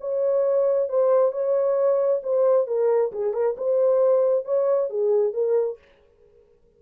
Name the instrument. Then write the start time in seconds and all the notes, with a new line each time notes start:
horn
0.00 C#5
0.89 C5
1.32 C#5
2.23 C5
2.67 A#4
3.12 G#4
3.33 A#4
3.57 C5
4.45 C#5
4.90 G#4
5.33 A#4